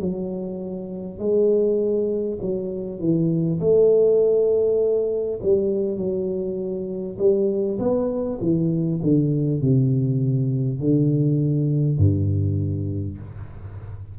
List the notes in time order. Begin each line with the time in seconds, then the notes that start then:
0.00 F#3
1.19 G#3
2.42 F#3
2.99 E3
3.61 A3
5.43 G3
5.97 F#3
7.18 G3
7.79 B3
8.41 E3
9.03 D3
9.61 C3
10.81 D3
11.98 G2